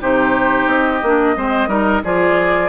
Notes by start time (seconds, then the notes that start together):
0.00 C3 D#4 G4 C5
0.66 C4 D#5
1.02 A#3 D4
1.35 G#3 C4 C5
1.67 G3 D#4 A#4
2.04 F3 F4 G#4 D5